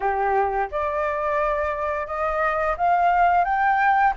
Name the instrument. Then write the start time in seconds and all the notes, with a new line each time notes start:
flute
0.00 G4
0.71 D5
2.06 D#5
2.77 F5
3.44 G5